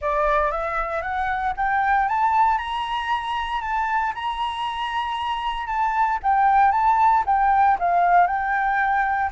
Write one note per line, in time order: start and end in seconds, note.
0.01 0.51 D5
0.51 1.01 E5
1.01 1.53 F#5
1.56 2.08 G5
2.08 2.57 A5
2.57 3.61 A#5
3.61 4.12 A5
4.14 5.66 A#5
5.66 6.18 A5
6.22 6.71 G5
6.71 7.23 A5
7.26 7.77 G5
7.79 8.26 F5
8.26 9.30 G5